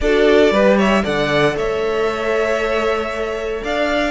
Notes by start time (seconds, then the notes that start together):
0.00 D4 F#4 A4 D5
0.51 G3 G4 B4
0.76 C#5 E5
1.02 D3 A4 D5 F#5
1.55 A3 C#5 E5
3.63 D4 D5 F5